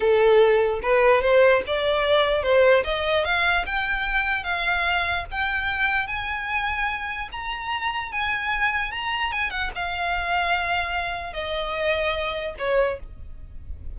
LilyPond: \new Staff \with { instrumentName = "violin" } { \time 4/4 \tempo 4 = 148 a'2 b'4 c''4 | d''2 c''4 dis''4 | f''4 g''2 f''4~ | f''4 g''2 gis''4~ |
gis''2 ais''2 | gis''2 ais''4 gis''8 fis''8 | f''1 | dis''2. cis''4 | }